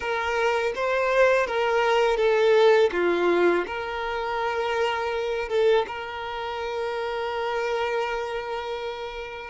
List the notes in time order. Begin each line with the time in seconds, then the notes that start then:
0.00 A#4
0.75 C5
1.46 A#4
2.16 A4
2.92 F4
3.67 A#4
5.48 A4
5.87 A#4